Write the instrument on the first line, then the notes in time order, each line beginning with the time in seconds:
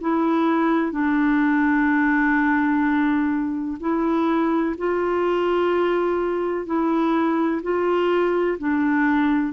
clarinet
0.00 E4
0.92 D4
3.80 E4
4.77 F4
6.66 E4
7.62 F4
8.58 D4